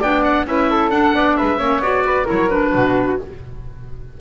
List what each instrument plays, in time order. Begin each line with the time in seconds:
0.00 double bass B3, clarinet D4, flute D5, oboe G5
0.23 oboe F#5
0.46 double bass C#4, clarinet E4, flute B4, oboe E5
0.71 flute A4
0.91 double bass D4, clarinet D4, oboe F#5
1.14 double bass B3, flute D5
1.36 double bass G#3, flute B4, oboe E5
1.59 double bass A#3, clarinet C#4, flute C#5
1.80 double bass B3, clarinet F#4, oboe D5
2.06 flute B4
2.25 double bass F#3, clarinet E4, flute A#4, oboe C#5
2.50 clarinet D4, oboe B4
2.75 double bass B2, flute F#4